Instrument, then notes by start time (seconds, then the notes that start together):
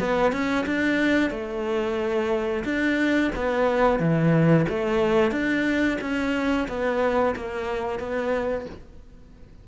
cello
0.00 B3
0.32 C#4
0.66 D4
1.30 A3
2.65 D4
3.35 B3
3.99 E3
4.69 A3
5.32 D4
6.01 C#4
6.68 B3
7.36 A#3
7.99 B3